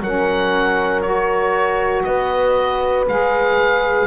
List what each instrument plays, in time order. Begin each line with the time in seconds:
0.00 double bass F#3, saxophone C#4, horn A#4, oboe F#5
1.01 saxophone F#4, oboe C#5
2.03 double bass B3, horn B4, oboe D#5
3.08 double bass G#3, saxophone G#4, oboe F5